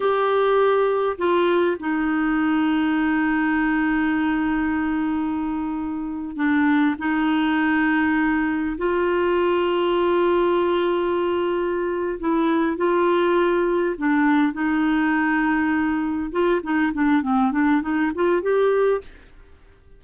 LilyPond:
\new Staff \with { instrumentName = "clarinet" } { \time 4/4 \tempo 4 = 101 g'2 f'4 dis'4~ | dis'1~ | dis'2~ dis'8. d'4 dis'16~ | dis'2~ dis'8. f'4~ f'16~ |
f'1~ | f'8 e'4 f'2 d'8~ | d'8 dis'2. f'8 | dis'8 d'8 c'8 d'8 dis'8 f'8 g'4 | }